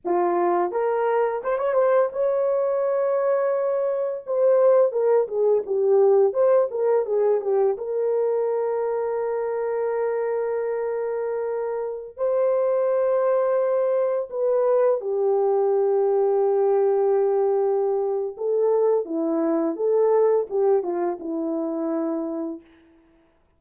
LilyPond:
\new Staff \with { instrumentName = "horn" } { \time 4/4 \tempo 4 = 85 f'4 ais'4 c''16 cis''16 c''8 cis''4~ | cis''2 c''4 ais'8 gis'8 | g'4 c''8 ais'8 gis'8 g'8 ais'4~ | ais'1~ |
ais'4~ ais'16 c''2~ c''8.~ | c''16 b'4 g'2~ g'8.~ | g'2 a'4 e'4 | a'4 g'8 f'8 e'2 | }